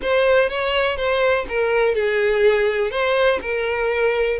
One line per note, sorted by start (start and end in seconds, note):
0.01 0.49 C5
0.49 0.96 C#5
0.96 1.45 C5
1.48 1.94 A#4
1.94 2.90 G#4
2.90 3.39 C5
3.41 4.39 A#4